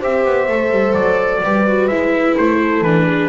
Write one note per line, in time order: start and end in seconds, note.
0.00 0.25 C4
0.00 0.48 G4
0.00 1.41 C5
0.00 0.94 E5
0.25 0.48 B3
0.48 0.71 A3
0.48 1.43 A4
0.71 0.94 G3
0.94 1.42 F#3
0.94 1.88 D5
1.43 1.88 G3
1.43 1.67 G4
1.43 2.58 B4
1.67 1.91 F#4
1.88 2.35 G#3
1.88 2.84 E4
1.88 2.35 E5
2.38 2.81 A3
2.38 2.83 C5
2.58 3.05 A4
2.81 3.28 E3
2.81 3.29 D4
2.81 3.29 B4
3.05 3.29 G#4